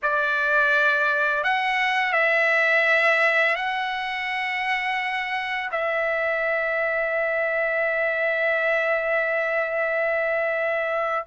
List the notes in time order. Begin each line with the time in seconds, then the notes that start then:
0.02 D5
1.43 F#5
2.12 E5
3.55 F#5
5.71 E5